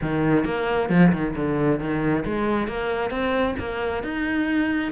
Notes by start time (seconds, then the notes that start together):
0.01 D#3
0.44 A#3
0.89 F3
1.12 D#3
1.36 D3
1.79 D#3
2.25 G#3
2.67 A#3
3.10 C4
3.59 A#3
4.03 D#4